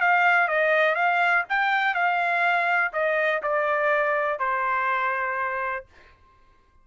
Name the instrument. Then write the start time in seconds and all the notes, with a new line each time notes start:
trumpet
0.00 F5
0.47 D#5
0.95 F5
1.49 G5
1.94 F5
2.92 D#5
3.42 D5
4.39 C5